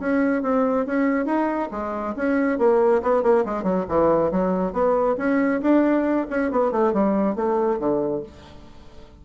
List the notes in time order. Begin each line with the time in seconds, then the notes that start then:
0.00 C#4
0.43 C4
0.86 C#4
1.26 D#4
1.72 G#3
2.16 C#4
2.59 A#3
3.03 B3
3.23 A#3
3.45 G#3
3.63 F#3
3.89 E3
4.32 F#3
4.73 B3
5.18 C#4
5.62 D4
6.30 C#4
6.52 B3
6.72 A3
6.93 G3
7.36 A3
7.79 D3